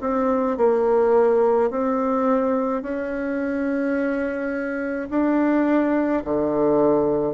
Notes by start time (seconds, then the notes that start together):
0.00 C4
0.57 A#3
1.70 C4
2.82 C#4
5.10 D4
6.24 D3